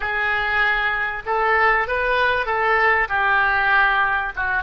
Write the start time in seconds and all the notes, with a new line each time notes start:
0.00 G#4
1.26 A4
1.87 B4
2.46 A4
3.08 G4
4.36 F#4